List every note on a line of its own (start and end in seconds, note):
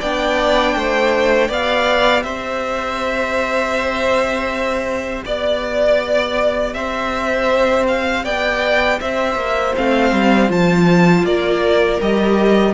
0.00 0.76 B3
0.00 1.50 D4
0.00 0.75 D5
0.00 1.51 G5
0.76 1.50 A3
0.76 1.48 C5
1.48 2.24 B3
1.48 9.75 G4
1.48 2.23 D5
1.48 2.23 F5
2.23 5.24 C4
2.23 5.25 C5
2.23 5.23 E5
5.25 6.75 B3
5.25 6.75 D5
5.25 6.74 D5
6.74 8.25 C4
6.74 8.24 C5
6.74 7.87 E5
7.88 8.25 F5
8.24 9.00 B3
8.24 8.99 D5
8.24 9.00 G5
9.01 9.36 C4
9.01 11.26 C5
9.01 9.76 E5
9.36 9.73 A#3
9.76 10.12 A3
9.76 10.49 C4
9.76 10.51 F5
10.12 10.50 G3
10.49 11.24 F3
10.49 11.99 F4
10.49 11.26 A5
11.24 11.99 A#3
11.24 12.74 A#4
11.24 12.01 D5
12.01 12.74 G3
12.01 12.74 G4
12.01 12.74 D#5